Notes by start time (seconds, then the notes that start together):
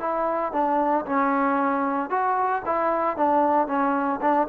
0.00 E4
0.53 D4
1.06 C#4
2.10 F#4
2.66 E4
3.17 D4
3.67 C#4
4.21 D4